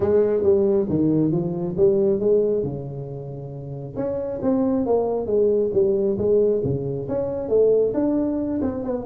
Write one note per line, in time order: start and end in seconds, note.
0.00 0.43 G#3
0.43 0.87 G3
0.89 1.31 D#3
1.31 1.75 F3
1.77 2.19 G3
2.19 2.63 G#3
2.63 3.95 C#3
3.96 4.40 C#4
4.42 4.86 C4
4.86 5.26 A#3
5.26 5.70 G#3
5.73 6.17 G3
6.17 6.62 G#3
6.63 7.07 C#3
7.08 7.49 C#4
7.49 7.93 A3
7.94 8.60 D4
8.61 8.83 C4
8.83 9.05 B3